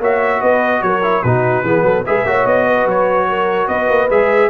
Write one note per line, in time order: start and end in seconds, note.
0.00 0.41 A#3
0.00 1.02 F#4
0.00 0.41 C#5
0.00 0.42 E5
0.41 0.82 B3
0.41 0.82 B4
0.41 0.82 D#5
0.82 1.23 F#3
0.82 1.24 A#4
0.82 1.23 C#5
1.02 1.23 E4
1.23 1.63 B2
1.23 1.65 D#4
1.23 1.64 F#4
1.23 2.05 B4
1.63 1.83 E3
1.63 2.05 B3
1.63 1.85 G#4
1.83 2.03 F#3
1.83 2.05 A4
2.06 2.25 G#3
2.06 2.26 G#4
2.06 2.27 B4
2.06 2.47 E5
2.25 2.45 A#3
2.25 4.10 F#4
2.25 2.67 C#5
2.45 2.86 B3
2.45 2.88 D#5
2.67 3.28 B4
2.86 3.67 F#3
2.86 3.68 C#5
3.29 3.69 A#4
3.68 3.89 B3
3.68 4.50 B4
3.68 4.09 D#5
3.89 4.09 A#3
4.10 4.50 G#3
4.10 4.50 G#4
4.10 4.50 E5